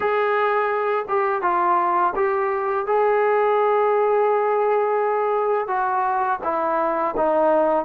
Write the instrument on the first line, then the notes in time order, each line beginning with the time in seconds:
trombone
0.00 G#4
1.08 G4
1.42 F4
2.15 G4
2.86 G#4
5.67 F#4
6.43 E4
7.16 D#4